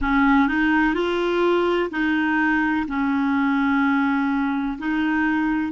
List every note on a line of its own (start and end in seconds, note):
0.01 0.48 C#4
0.48 0.94 D#4
0.94 1.89 F4
1.90 2.86 D#4
2.87 4.77 C#4
4.78 5.72 D#4